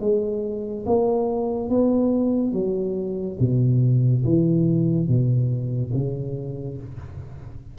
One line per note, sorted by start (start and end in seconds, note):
0.00 0.85 G#3
0.86 1.69 A#3
1.69 2.53 B3
2.53 3.37 F#3
3.40 4.24 B2
4.24 5.08 E3
5.08 5.92 B2
5.93 6.78 C#3